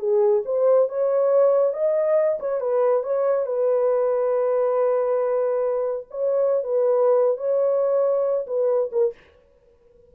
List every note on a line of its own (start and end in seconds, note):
0.00 0.43 G#4
0.46 0.89 C5
0.89 1.74 C#5
1.74 2.40 D#5
2.40 2.61 C#5
2.61 3.04 B4
3.04 3.47 C#5
3.47 6.08 B4
6.11 6.64 C#5
6.64 7.38 B4
7.38 8.46 C#5
8.47 8.91 B4
8.92 9.14 A#4